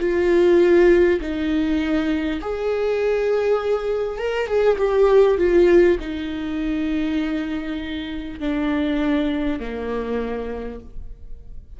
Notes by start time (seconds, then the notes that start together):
0.00 F4
1.21 D#4
2.41 G#4
4.18 A#4
4.47 G#4
4.78 G4
5.38 F4
6.00 D#4
8.39 D4
9.59 A#3